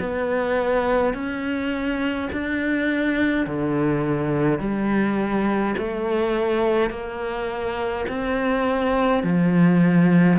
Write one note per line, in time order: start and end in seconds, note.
0.00 1.14 B3
1.14 2.30 C#4
2.32 3.47 D4
3.47 4.60 D3
4.60 5.75 G3
5.78 6.90 A3
6.90 8.06 A#3
8.09 9.24 C4
9.24 10.39 F3